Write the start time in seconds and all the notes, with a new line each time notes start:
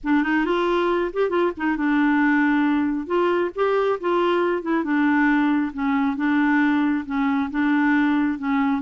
0.03 D4
0.23 D#4
0.45 F4
1.13 G4
1.29 F4
1.57 D#4
1.76 D4
3.06 F4
3.55 G4
4.00 F4
4.62 E4
4.83 D4
5.73 C#4
6.16 D4
7.05 C#4
7.50 D4
8.38 C#4